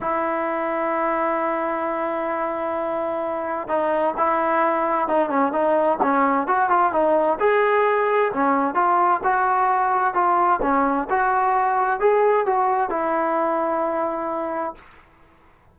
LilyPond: \new Staff \with { instrumentName = "trombone" } { \time 4/4 \tempo 4 = 130 e'1~ | e'1 | dis'4 e'2 dis'8 cis'8 | dis'4 cis'4 fis'8 f'8 dis'4 |
gis'2 cis'4 f'4 | fis'2 f'4 cis'4 | fis'2 gis'4 fis'4 | e'1 | }